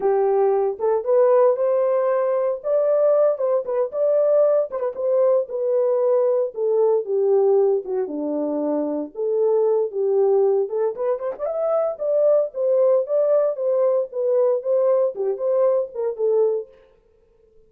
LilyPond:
\new Staff \with { instrumentName = "horn" } { \time 4/4 \tempo 4 = 115 g'4. a'8 b'4 c''4~ | c''4 d''4. c''8 b'8 d''8~ | d''4 c''16 b'16 c''4 b'4.~ | b'8 a'4 g'4. fis'8 d'8~ |
d'4. a'4. g'4~ | g'8 a'8 b'8 c''16 d''16 e''4 d''4 | c''4 d''4 c''4 b'4 | c''4 g'8 c''4 ais'8 a'4 | }